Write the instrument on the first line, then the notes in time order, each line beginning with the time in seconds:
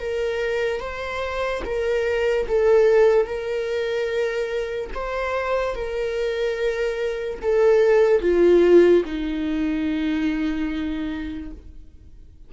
viola
0.00 A#4
0.80 C5
1.65 A#4
2.48 A4
3.26 A#4
4.94 C5
5.75 A#4
7.42 A4
8.21 F4
9.05 D#4